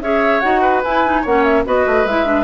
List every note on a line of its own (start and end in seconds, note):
0.00 0.41 C#4
0.00 0.42 G#4
0.00 0.61 C#5
0.00 0.40 E5
0.40 0.84 D#4
0.40 0.83 F#4
0.40 0.80 F#5
0.61 1.22 B4
0.83 1.24 E4
0.83 1.05 E4
0.83 1.24 G#5
1.05 1.25 D#4
1.22 1.65 A#3
1.22 1.65 C#4
1.22 1.63 C#5
1.22 1.43 F#5
1.43 1.64 E5
1.65 1.86 B3
1.65 2.06 F#4
1.65 2.44 B4
1.65 2.06 D#5
1.86 2.05 A3
2.05 2.44 G#3
2.05 2.25 E4
2.05 2.44 E5
2.25 2.44 D4